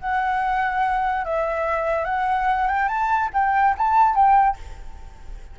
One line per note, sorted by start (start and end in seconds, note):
0.00 1.25 F#5
1.25 2.05 E5
2.05 2.68 F#5
2.68 2.89 G5
2.89 3.30 A5
3.34 3.75 G5
3.78 4.16 A5
4.16 4.57 G5